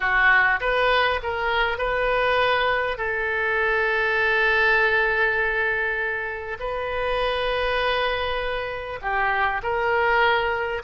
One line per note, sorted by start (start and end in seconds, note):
0.00 0.60 F#4
0.60 1.20 B4
1.22 1.78 A#4
1.78 2.97 B4
2.97 6.57 A4
6.59 8.99 B4
9.01 9.61 G4
9.62 10.82 A#4